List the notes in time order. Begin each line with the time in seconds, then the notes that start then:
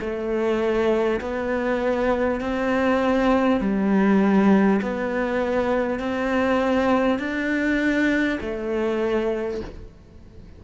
0.00 A3
1.21 B3
2.40 C4
3.60 G3
4.82 B3
5.99 C4
7.18 D4
8.40 A3